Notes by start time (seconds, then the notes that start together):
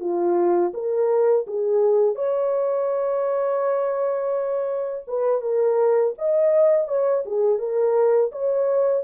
0.00 F4
0.73 A#4
1.47 G#4
2.15 C#5
5.07 B4
5.41 A#4
6.18 D#5
6.87 C#5
7.25 G#4
7.58 A#4
8.32 C#5